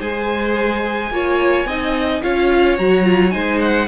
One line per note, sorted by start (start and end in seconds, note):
0.00 1.10 G#3
0.00 1.11 G#4
0.00 1.11 C5
0.00 2.22 G#5
1.10 1.65 A#3
1.10 1.67 F4
1.10 1.67 C#5
1.65 2.20 C4
1.65 2.22 D#4
1.65 2.22 D#5
2.22 2.78 C#4
2.22 2.78 F4
2.22 3.33 C#5
2.22 2.78 F5
2.78 3.34 F#3
2.78 3.03 F#4
2.78 3.30 A#5
3.03 3.31 F4
3.30 3.87 G#3
3.30 3.86 D#4
3.30 3.87 C5
3.30 3.58 G#5
3.61 3.87 F#5